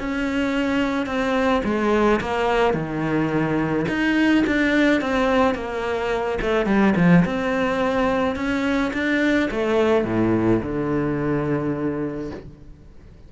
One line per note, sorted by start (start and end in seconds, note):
0.00 1.07 C#4
1.07 1.63 C4
1.65 2.21 G#3
2.21 2.74 A#3
2.74 3.86 D#3
3.89 4.45 D#4
4.47 5.02 D4
5.02 5.55 C4
5.55 6.39 A#3
6.42 6.67 A3
6.67 6.95 G3
6.97 7.25 F3
7.26 8.36 C4
8.36 8.93 C#4
8.94 9.50 D4
9.51 10.05 A3
10.05 10.61 A2
10.63 12.31 D3